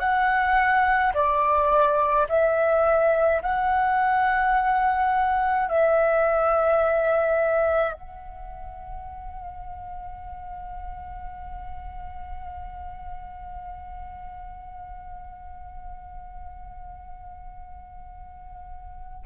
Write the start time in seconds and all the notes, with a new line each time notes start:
0.00 F#5
1.14 D5
2.29 E5
3.43 F#5
5.69 E5
7.93 F#5